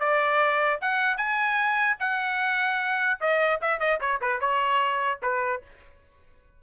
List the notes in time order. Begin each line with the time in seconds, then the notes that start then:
0.00 D5
0.82 F#5
1.18 G#5
2.00 F#5
3.21 D#5
3.62 E5
3.80 D#5
4.01 C#5
4.22 B4
4.41 C#5
5.23 B4